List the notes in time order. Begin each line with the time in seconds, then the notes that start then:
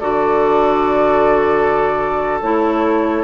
0.00 D3 F#4 A4 D5
2.41 A3 E4 C#5